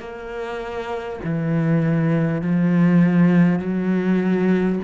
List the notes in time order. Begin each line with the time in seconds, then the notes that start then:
0.00 A#3
1.24 E3
2.42 F3
3.59 F#3